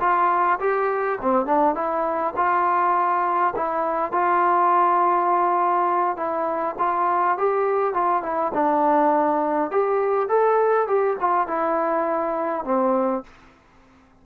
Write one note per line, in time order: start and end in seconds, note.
0.00 0.59 F4
0.60 1.19 G4
1.21 1.46 C4
1.46 1.75 D4
1.75 2.34 E4
2.36 3.54 F4
3.56 4.12 E4
4.12 6.17 F4
6.17 6.75 E4
6.79 7.38 F4
7.38 7.94 G4
7.94 8.23 F4
8.23 8.52 E4
8.54 9.71 D4
9.71 10.29 G4
10.29 10.87 A4
10.87 11.17 G4
11.20 11.47 F4
11.47 12.65 E4
12.65 13.24 C4